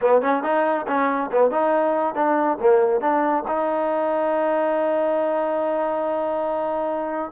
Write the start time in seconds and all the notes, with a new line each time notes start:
0.01 B3
0.21 C#4
0.43 D#4
0.87 C#4
1.32 B3
1.50 D#4
2.14 D4
2.60 A#3
3.01 D4
3.47 D#4